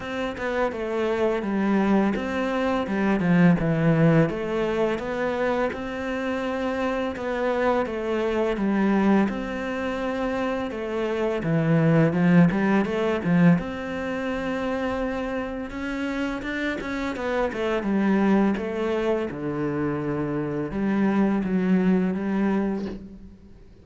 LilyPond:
\new Staff \with { instrumentName = "cello" } { \time 4/4 \tempo 4 = 84 c'8 b8 a4 g4 c'4 | g8 f8 e4 a4 b4 | c'2 b4 a4 | g4 c'2 a4 |
e4 f8 g8 a8 f8 c'4~ | c'2 cis'4 d'8 cis'8 | b8 a8 g4 a4 d4~ | d4 g4 fis4 g4 | }